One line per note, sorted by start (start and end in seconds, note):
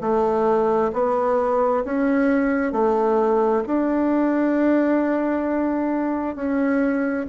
0.00 0.91 A3
0.93 1.83 B3
1.84 2.72 C#4
2.72 3.63 A3
3.66 6.35 D4
6.35 7.26 C#4